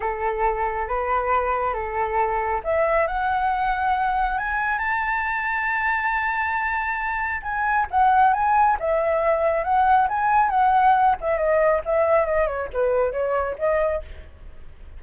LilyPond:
\new Staff \with { instrumentName = "flute" } { \time 4/4 \tempo 4 = 137 a'2 b'2 | a'2 e''4 fis''4~ | fis''2 gis''4 a''4~ | a''1~ |
a''4 gis''4 fis''4 gis''4 | e''2 fis''4 gis''4 | fis''4. e''8 dis''4 e''4 | dis''8 cis''8 b'4 cis''4 dis''4 | }